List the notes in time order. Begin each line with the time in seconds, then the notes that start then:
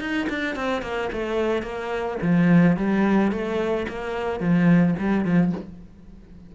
0.00 D#4
0.29 D4
0.56 C4
0.82 A#3
1.13 A3
1.63 A#3
2.22 F3
2.77 G3
3.32 A3
3.88 A#3
4.40 F3
4.99 G3
5.25 F3